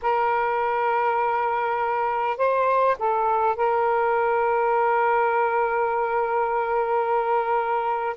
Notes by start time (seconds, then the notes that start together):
0.02 A#4
2.37 C5
2.98 A4
3.55 A#4